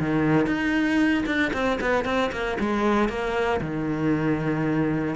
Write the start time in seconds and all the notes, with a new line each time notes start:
0.00 D#3
0.47 D#4
1.26 D4
1.54 C4
1.81 B3
2.05 C4
2.32 A#3
2.60 G#3
3.09 A#3
3.61 D#3